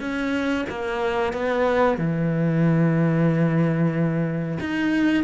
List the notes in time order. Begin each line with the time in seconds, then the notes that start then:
0.00 C#4
0.69 A#3
1.33 B3
1.97 E3
4.60 D#4